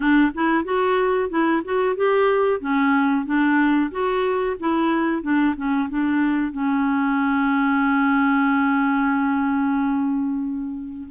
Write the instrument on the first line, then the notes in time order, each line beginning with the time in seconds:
clarinet
0.00 D4
0.34 E4
0.64 F#4
1.29 E4
1.64 F#4
1.96 G4
2.60 C#4
3.25 D4
3.91 F#4
4.59 E4
5.22 D4
5.56 C#4
5.89 D4
6.52 C#4